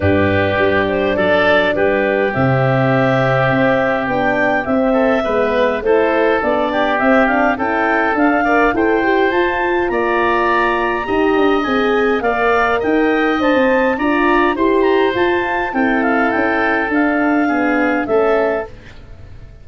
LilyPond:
<<
  \new Staff \with { instrumentName = "clarinet" } { \time 4/4 \tempo 4 = 103 b'4. c''8 d''4 b'4 | e''2. g''4 | e''2 c''4 d''4 | e''8 f''8 g''4 f''4 g''4 |
a''4 ais''2. | gis''4 f''4 g''4 a''4 | ais''4 c'''8 ais''8 a''4 g''8 f''8 | g''4 f''2 e''4 | }
  \new Staff \with { instrumentName = "oboe" } { \time 4/4 g'2 a'4 g'4~ | g'1~ | g'8 a'8 b'4 a'4. g'8~ | g'4 a'4. d''8 c''4~ |
c''4 d''2 dis''4~ | dis''4 d''4 dis''2 | d''4 c''2 a'4~ | a'2 gis'4 a'4 | }
  \new Staff \with { instrumentName = "horn" } { \time 4/4 d'1 | c'2. d'4 | c'4 b4 e'4 d'4 | c'8 d'8 e'4 d'8 ais'8 a'8 g'8 |
f'2. g'4 | gis'4 ais'2 c''4 | f'4 g'4 f'4 e'4~ | e'4 d'4 b4 cis'4 | }
  \new Staff \with { instrumentName = "tuba" } { \time 4/4 g,4 g4 fis4 g4 | c2 c'4 b4 | c'4 gis4 a4 b4 | c'4 cis'4 d'4 e'4 |
f'4 ais2 dis'8 d'8 | c'4 ais4 dis'4 d'16 c'8. | d'4 e'4 f'4 c'4 | cis'4 d'2 a4 | }
>>